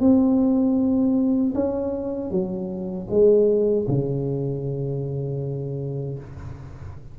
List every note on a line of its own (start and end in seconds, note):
0.00 1.54 C4
1.55 2.31 C#4
2.31 3.08 F#3
3.10 3.87 G#3
3.88 6.19 C#3